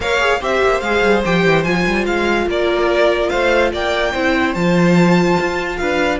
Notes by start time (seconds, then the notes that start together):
0.00 A#3 A#4 C#5 F5
0.19 G#4
0.39 C4 G4 C5 E5
0.62 A#3
0.80 G#3 G#4 F5
1.03 G3
1.25 F3 G4 G5
1.45 E3
1.63 F3 F4 G#5
1.86 G3
2.06 G#3 F5
2.47 A#3 A#4 D5
3.29 A3 C5 F5
3.72 A#3 D5 G5
4.11 C4 E4 C5
4.54 F3 F4 A5
5.39 F4
5.76 D4 B4 F5